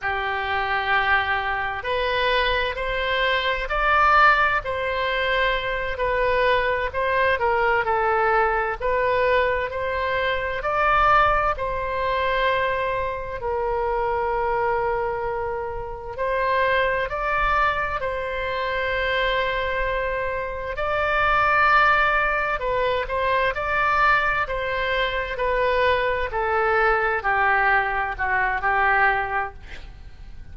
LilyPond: \new Staff \with { instrumentName = "oboe" } { \time 4/4 \tempo 4 = 65 g'2 b'4 c''4 | d''4 c''4. b'4 c''8 | ais'8 a'4 b'4 c''4 d''8~ | d''8 c''2 ais'4.~ |
ais'4. c''4 d''4 c''8~ | c''2~ c''8 d''4.~ | d''8 b'8 c''8 d''4 c''4 b'8~ | b'8 a'4 g'4 fis'8 g'4 | }